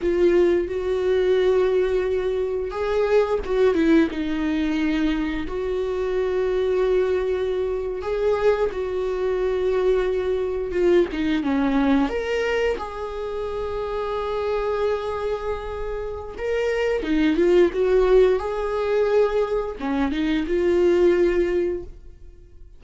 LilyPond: \new Staff \with { instrumentName = "viola" } { \time 4/4 \tempo 4 = 88 f'4 fis'2. | gis'4 fis'8 e'8 dis'2 | fis'2.~ fis'8. gis'16~ | gis'8. fis'2. f'16~ |
f'16 dis'8 cis'4 ais'4 gis'4~ gis'16~ | gis'1 | ais'4 dis'8 f'8 fis'4 gis'4~ | gis'4 cis'8 dis'8 f'2 | }